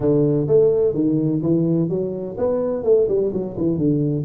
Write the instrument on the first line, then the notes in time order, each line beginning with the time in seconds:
tuba
0.00 D3
0.47 A3
0.94 D#3
1.42 E3
1.89 F#3
2.37 B3
2.83 A3
3.08 G3
3.32 F#3
3.57 E3
3.77 D3